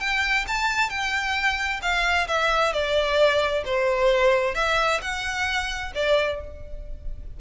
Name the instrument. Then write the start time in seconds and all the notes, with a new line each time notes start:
violin
0.00 G5
0.48 A5
0.90 G5
1.82 F5
2.28 E5
2.73 D5
3.65 C5
4.55 E5
5.02 F#5
5.95 D5